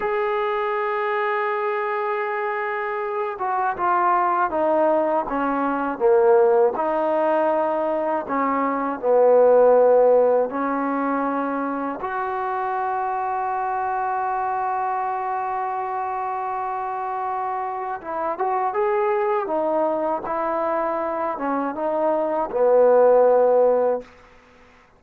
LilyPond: \new Staff \with { instrumentName = "trombone" } { \time 4/4 \tempo 4 = 80 gis'1~ | gis'8 fis'8 f'4 dis'4 cis'4 | ais4 dis'2 cis'4 | b2 cis'2 |
fis'1~ | fis'1 | e'8 fis'8 gis'4 dis'4 e'4~ | e'8 cis'8 dis'4 b2 | }